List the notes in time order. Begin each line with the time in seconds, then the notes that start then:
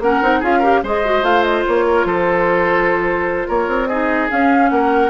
0.00 A#3 C#4 A#4 F#5
0.22 C4 D#4
0.40 C#4 F4 G#4 F5
0.59 G4 A#4
0.83 G#3 G#4 C5 D#5
1.05 F#4
1.22 A3 F4 F5
1.43 D#5
1.67 A#3 C#5
1.87 A#4
2.05 F3 A4 C5
3.48 A#3 A#4 C#5
3.68 C4
3.88 D#4 G#4 D#5
4.29 C#4 F5
4.70 A#3 A#4 F#5